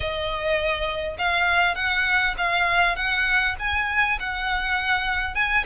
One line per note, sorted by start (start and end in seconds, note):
0.00 1.17 D#5
1.18 1.75 F5
1.75 2.34 F#5
2.37 2.96 F5
2.96 3.55 F#5
3.59 4.18 G#5
4.19 5.34 F#5
5.34 5.64 G#5